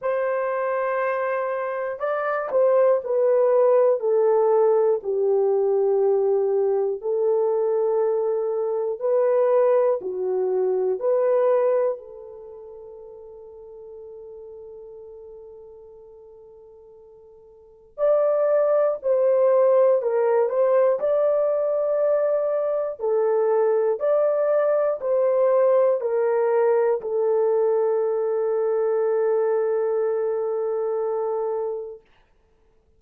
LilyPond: \new Staff \with { instrumentName = "horn" } { \time 4/4 \tempo 4 = 60 c''2 d''8 c''8 b'4 | a'4 g'2 a'4~ | a'4 b'4 fis'4 b'4 | a'1~ |
a'2 d''4 c''4 | ais'8 c''8 d''2 a'4 | d''4 c''4 ais'4 a'4~ | a'1 | }